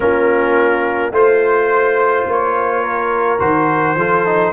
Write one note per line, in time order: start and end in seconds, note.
0.00 1.11 A#3
0.00 1.12 C#4
0.00 1.12 F4
0.00 1.13 A#4
1.11 2.25 A3
1.11 3.38 F4
1.11 2.82 C5
1.11 2.27 C5
2.26 3.40 A#3
2.26 3.39 C#5
2.82 3.95 A#4
3.38 3.95 D#3
3.38 3.95 F#4
3.38 4.53 C5
3.95 4.52 F3
3.95 4.25 F4
3.95 4.53 A4
4.25 4.53 D#4